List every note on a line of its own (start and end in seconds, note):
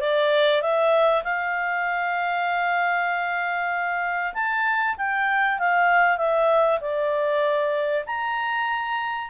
0.00 0.62 D5
0.62 1.23 E5
1.24 4.33 F5
4.34 4.96 A5
4.97 5.59 G5
5.59 6.17 F5
6.17 6.79 E5
6.80 8.04 D5
8.06 9.30 A#5